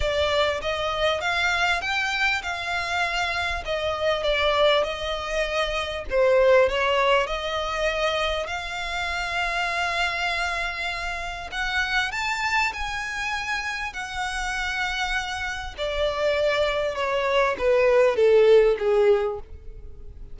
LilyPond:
\new Staff \with { instrumentName = "violin" } { \time 4/4 \tempo 4 = 99 d''4 dis''4 f''4 g''4 | f''2 dis''4 d''4 | dis''2 c''4 cis''4 | dis''2 f''2~ |
f''2. fis''4 | a''4 gis''2 fis''4~ | fis''2 d''2 | cis''4 b'4 a'4 gis'4 | }